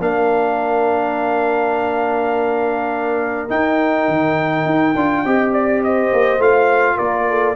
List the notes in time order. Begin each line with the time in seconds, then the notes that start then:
0.00 A#3 D4 A#4 F5
3.49 D#4 G5
4.08 D#3
4.65 D#4
4.96 D4 F4
5.24 C4 G4 D#5
5.53 D5
5.83 C5 D#5
6.13 A#3
6.39 A3 F4 F5
6.96 A#3 A#4 D5
7.29 A4